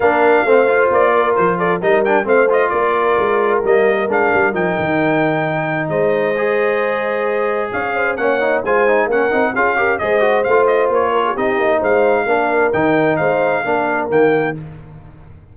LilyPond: <<
  \new Staff \with { instrumentName = "trumpet" } { \time 4/4 \tempo 4 = 132 f''2 d''4 c''8 d''8 | dis''8 g''8 f''8 dis''8 d''2 | dis''4 f''4 g''2~ | g''4 dis''2.~ |
dis''4 f''4 fis''4 gis''4 | fis''4 f''4 dis''4 f''8 dis''8 | cis''4 dis''4 f''2 | g''4 f''2 g''4 | }
  \new Staff \with { instrumentName = "horn" } { \time 4/4 ais'4 c''4. ais'4 a'8 | ais'4 c''4 ais'2~ | ais'1~ | ais'4 c''2.~ |
c''4 cis''8 c''8 cis''4 c''4 | ais'4 gis'8 ais'8 c''2~ | c''8 ais'16 gis'16 g'4 c''4 ais'4~ | ais'4 c''4 ais'2 | }
  \new Staff \with { instrumentName = "trombone" } { \time 4/4 d'4 c'8 f'2~ f'8 | dis'8 d'8 c'8 f'2~ f'8 | ais4 d'4 dis'2~ | dis'2 gis'2~ |
gis'2 cis'8 dis'8 f'8 dis'8 | cis'8 dis'8 f'8 g'8 gis'8 fis'8 f'4~ | f'4 dis'2 d'4 | dis'2 d'4 ais4 | }
  \new Staff \with { instrumentName = "tuba" } { \time 4/4 ais4 a4 ais4 f4 | g4 a4 ais4 gis4 | g4 gis8 g8 f8 dis4.~ | dis4 gis2.~ |
gis4 cis'4 ais4 gis4 | ais8 c'8 cis'4 gis4 a4 | ais4 c'8 ais8 gis4 ais4 | dis4 gis4 ais4 dis4 | }
>>